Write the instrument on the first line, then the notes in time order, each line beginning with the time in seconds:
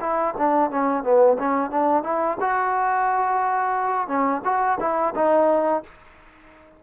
trombone
0.00 E4
0.37 D4
0.70 C#4
1.03 B3
1.39 C#4
1.70 D4
2.03 E4
2.40 F#4
4.07 C#4
4.44 F#4
4.80 E4
5.15 D#4